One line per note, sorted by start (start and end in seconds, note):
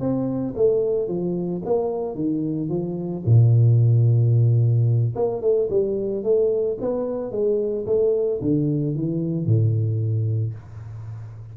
0.00 0.54 C4
0.56 1.08 A3
1.08 1.62 F3
1.65 2.15 A#3
2.15 2.69 D#3
2.69 3.23 F3
3.26 5.15 A#2
5.16 5.42 A#3
5.42 5.69 A3
5.70 6.24 G3
6.24 6.78 A3
6.81 7.32 B3
7.32 7.86 G#3
7.86 8.41 A3
8.42 8.96 D3
8.96 9.46 E3
9.46 10.54 A2